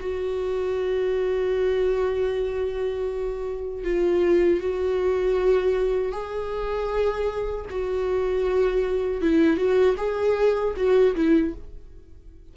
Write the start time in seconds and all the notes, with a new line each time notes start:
0.00 F#4
3.84 F4
4.60 F#4
6.12 G#4
7.70 F#4
9.21 E4
9.57 F#4
9.97 G#4
10.76 F#4
11.15 E4